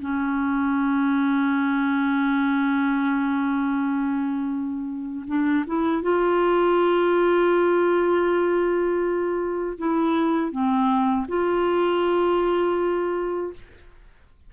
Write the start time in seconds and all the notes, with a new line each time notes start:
0.00 C#4
5.27 D4
5.66 E4
6.02 F4
9.78 E4
10.51 C4
11.28 F4